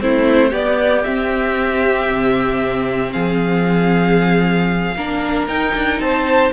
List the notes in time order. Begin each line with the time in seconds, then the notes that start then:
0.00 A3 C4 E4 C5
0.50 B3 G4 D5
1.04 C4 E5
2.10 C3
3.12 F3 G#4 F5
4.96 A#3 D4 A#4
5.48 D#4 G5
5.74 D4
6.00 C4 C5 A5